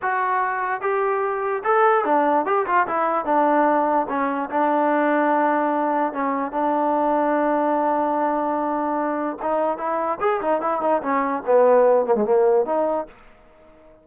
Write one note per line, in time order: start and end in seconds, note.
0.02 0.81 F#4
0.81 1.63 G4
1.64 2.05 A4
2.05 2.45 D4
2.45 2.66 G4
2.66 2.86 F4
2.87 3.25 E4
3.25 4.06 D4
4.08 4.49 C#4
4.50 6.12 D4
6.12 6.51 C#4
6.51 9.37 D4
9.42 9.77 D#4
9.77 10.18 E4
10.20 10.40 G#4
10.41 10.61 D#4
10.61 10.81 E4
10.81 11.01 D#4
11.02 11.42 C#4
11.46 12.06 B3
12.06 12.15 A#3
12.15 12.24 G#3
12.24 12.65 A#3
12.65 13.06 D#4